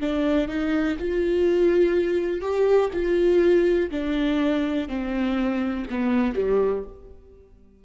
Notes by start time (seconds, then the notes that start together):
0.00 D4
0.48 D#4
0.99 F4
2.41 G4
2.93 F4
3.91 D4
4.88 C4
5.90 B3
6.35 G3